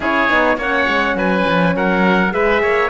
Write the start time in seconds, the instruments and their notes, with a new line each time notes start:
0.00 cello C#4, horn E4, oboe G#4, trumpet C#5
0.29 cello B3, horn D#4
0.57 cello A#3, horn C#4, oboe C#5, trumpet F#5
0.88 cello G#3
1.15 cello F#3, oboe B4, trumpet G#5
1.48 cello F3
1.75 cello F#3, oboe A#4, trumpet F#5
2.30 cello G#3, horn G#4, oboe B4, trumpet E5
2.62 cello A#3, oboe C#5